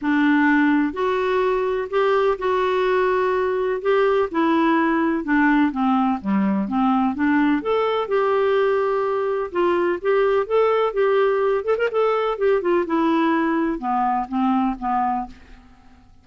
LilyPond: \new Staff \with { instrumentName = "clarinet" } { \time 4/4 \tempo 4 = 126 d'2 fis'2 | g'4 fis'2. | g'4 e'2 d'4 | c'4 g4 c'4 d'4 |
a'4 g'2. | f'4 g'4 a'4 g'4~ | g'8 a'16 ais'16 a'4 g'8 f'8 e'4~ | e'4 b4 c'4 b4 | }